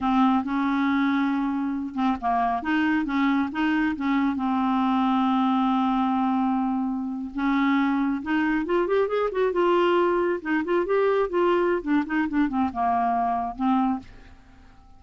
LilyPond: \new Staff \with { instrumentName = "clarinet" } { \time 4/4 \tempo 4 = 137 c'4 cis'2.~ | cis'8 c'8 ais4 dis'4 cis'4 | dis'4 cis'4 c'2~ | c'1~ |
c'8. cis'2 dis'4 f'16~ | f'16 g'8 gis'8 fis'8 f'2 dis'16~ | dis'16 f'8 g'4 f'4~ f'16 d'8 dis'8 | d'8 c'8 ais2 c'4 | }